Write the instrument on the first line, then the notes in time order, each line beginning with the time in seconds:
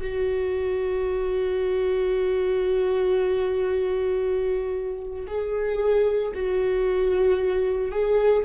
viola
0.00 F#4
5.27 G#4
6.34 F#4
7.91 G#4